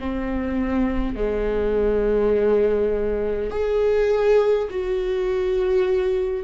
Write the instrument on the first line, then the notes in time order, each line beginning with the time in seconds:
viola
0.00 C4
1.16 G#3
3.51 G#4
4.70 F#4